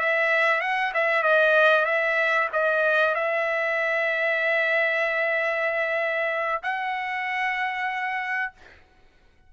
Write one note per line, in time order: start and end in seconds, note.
0.00 0.61 E5
0.61 0.93 F#5
0.94 1.23 E5
1.23 1.85 D#5
1.85 2.49 E5
2.53 3.15 D#5
3.15 6.62 E5
6.63 8.53 F#5